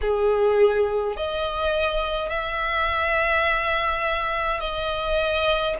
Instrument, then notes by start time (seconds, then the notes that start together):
violin
0.01 G#4
1.16 D#5
2.29 E5
4.60 D#5